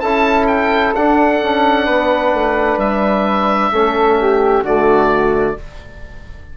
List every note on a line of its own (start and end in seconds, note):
0.00 0.94 C#4
0.00 0.95 E4
0.00 1.86 A4
0.00 0.46 A5
0.48 0.94 G5
0.95 3.73 D4
0.95 1.42 D4
0.95 2.80 F#5
1.42 1.88 C#4
1.86 2.34 B3
1.86 3.70 B4
2.34 2.77 A3
2.77 3.70 G3
2.77 4.64 E5
3.72 4.63 A3
3.72 4.65 C#4
3.72 4.18 A4
4.21 4.63 G4
4.63 5.55 D3
4.63 5.58 A3
4.63 5.55 F#4
4.63 5.57 D5